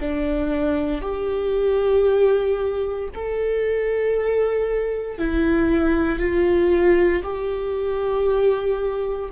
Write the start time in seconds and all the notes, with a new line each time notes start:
0.00 D4
1.02 G4
3.15 A4
5.18 E4
6.19 F4
7.23 G4